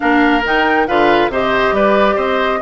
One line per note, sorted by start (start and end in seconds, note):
0.00 0.44 A#3
0.00 0.41 D4
0.00 0.87 A#4
0.00 0.43 F5
0.44 0.88 D#3
0.44 0.87 D#4
0.44 0.87 G5
0.87 1.28 D3
0.87 1.31 F4
0.87 1.31 B4
0.87 1.30 F5
1.28 1.71 C3
1.28 2.61 G4
1.28 1.75 C5
1.28 1.75 D#5
1.71 2.15 G3
1.71 2.15 B4
1.71 2.18 D5
2.15 2.60 C4
2.15 2.59 C5
2.15 2.61 D#5